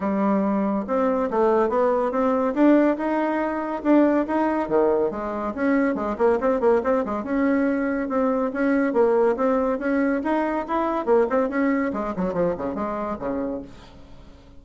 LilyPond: \new Staff \with { instrumentName = "bassoon" } { \time 4/4 \tempo 4 = 141 g2 c'4 a4 | b4 c'4 d'4 dis'4~ | dis'4 d'4 dis'4 dis4 | gis4 cis'4 gis8 ais8 c'8 ais8 |
c'8 gis8 cis'2 c'4 | cis'4 ais4 c'4 cis'4 | dis'4 e'4 ais8 c'8 cis'4 | gis8 fis8 f8 cis8 gis4 cis4 | }